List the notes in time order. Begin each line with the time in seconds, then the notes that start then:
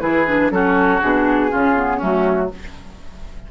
0.00 E3 E4 G#4 B4
0.27 D4
0.50 F#3 C#4 F#4 A4
1.01 B2 D4 G#4
1.50 C#3 C#4 F4
1.75 B3
1.96 F#3 A3 C#4 F#4